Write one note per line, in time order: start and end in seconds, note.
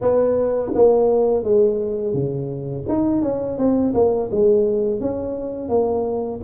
0.01 0.72 B3
0.74 1.43 A#3
1.43 2.13 G#3
2.13 2.85 C#3
2.88 3.22 D#4
3.22 3.57 C#4
3.57 3.93 C4
3.94 4.29 A#3
4.31 5.00 G#3
5.00 5.69 C#4
5.69 6.40 A#3